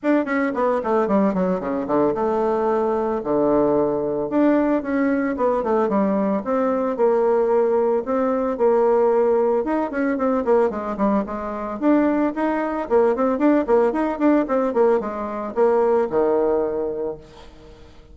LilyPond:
\new Staff \with { instrumentName = "bassoon" } { \time 4/4 \tempo 4 = 112 d'8 cis'8 b8 a8 g8 fis8 cis8 d8 | a2 d2 | d'4 cis'4 b8 a8 g4 | c'4 ais2 c'4 |
ais2 dis'8 cis'8 c'8 ais8 | gis8 g8 gis4 d'4 dis'4 | ais8 c'8 d'8 ais8 dis'8 d'8 c'8 ais8 | gis4 ais4 dis2 | }